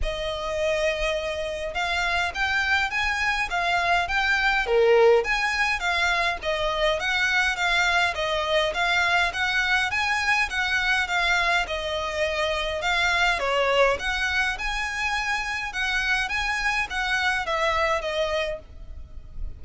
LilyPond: \new Staff \with { instrumentName = "violin" } { \time 4/4 \tempo 4 = 103 dis''2. f''4 | g''4 gis''4 f''4 g''4 | ais'4 gis''4 f''4 dis''4 | fis''4 f''4 dis''4 f''4 |
fis''4 gis''4 fis''4 f''4 | dis''2 f''4 cis''4 | fis''4 gis''2 fis''4 | gis''4 fis''4 e''4 dis''4 | }